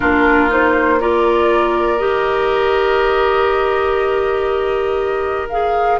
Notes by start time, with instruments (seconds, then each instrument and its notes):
0.00 bassoon A#3, clarinet D4, oboe F4, flute A#4
0.49 clarinet D#4, flute C5
1.00 clarinet F4, oboe A#4, flute D5
1.98 bassoon D#3, clarinet G4, flute D#5
5.49 clarinet G#4, flute F5